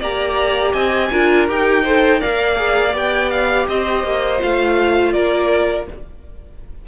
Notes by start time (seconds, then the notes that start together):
0.00 A#3 G4 D5 A#5
0.73 C4 D#5 G#5
1.12 D4 F4 A#4
1.48 D#4 G4 G5
1.83 A4 C5
2.20 A#3 A#4 D5 F5
2.56 G#4
2.93 B3 G4 G5
3.30 F5
3.68 C4 C5 D#5
4.04 A#3
4.39 A3 F4 F5
5.12 A#3 A#4 D5